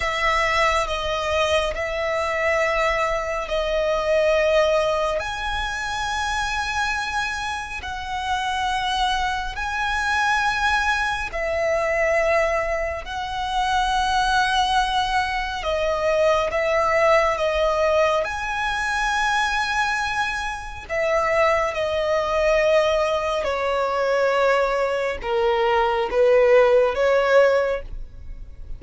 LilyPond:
\new Staff \with { instrumentName = "violin" } { \time 4/4 \tempo 4 = 69 e''4 dis''4 e''2 | dis''2 gis''2~ | gis''4 fis''2 gis''4~ | gis''4 e''2 fis''4~ |
fis''2 dis''4 e''4 | dis''4 gis''2. | e''4 dis''2 cis''4~ | cis''4 ais'4 b'4 cis''4 | }